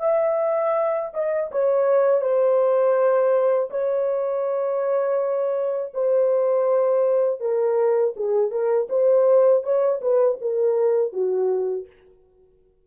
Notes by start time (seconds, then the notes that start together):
0.00 E5
1.14 D#5
1.52 C#5
2.22 C5
3.70 C#5
5.94 C5
7.40 A#4
8.16 G#4
8.51 A#4
8.90 C5
9.64 C#5
10.02 B4
10.42 A#4
11.13 F#4